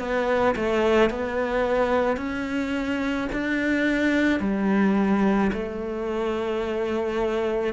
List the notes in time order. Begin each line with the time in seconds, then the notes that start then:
0.00 B3
0.56 A3
1.11 B3
2.17 C#4
3.33 D4
4.40 G3
5.54 A3